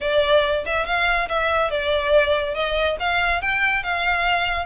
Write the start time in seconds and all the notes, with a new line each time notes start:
0.00 D5
0.65 E5
0.86 F5
1.29 E5
1.70 D5
2.54 D#5
2.99 F5
3.41 G5
3.83 F5